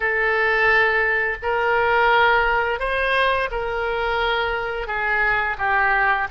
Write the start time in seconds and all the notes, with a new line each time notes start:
0.00 A4
1.42 A#4
2.79 C5
3.51 A#4
4.87 G#4
5.58 G4